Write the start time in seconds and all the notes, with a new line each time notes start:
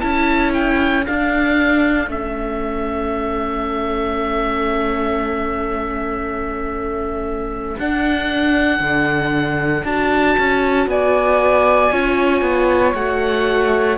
0.00 C#4 E4 A4 A5
0.54 G5
1.06 D4 F5
2.08 A3 C#4 E5
7.79 D4 F#5
8.80 D3
9.85 D4 F#4 A5
10.39 C#4
10.87 B3 D5 G#5
11.92 C#4 F4 C#5
12.42 B3
12.94 A3 F#4 F#5